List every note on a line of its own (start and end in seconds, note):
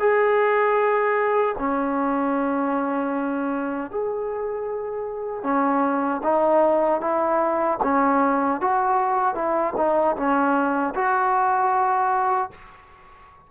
0.00 1.56 G#4
1.58 3.91 C#4
3.91 5.44 G#4
5.44 6.22 C#4
6.24 7.01 D#4
7.01 7.79 E4
7.83 8.61 C#4
8.61 9.35 F#4
9.35 9.74 E4
9.77 10.16 D#4
10.17 10.94 C#4
10.95 12.51 F#4